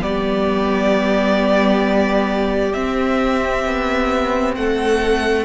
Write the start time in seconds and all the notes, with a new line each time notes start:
0.00 G3 B3 G4 D5
2.73 C4 E5
3.66 B3
4.55 A3 A4 F#5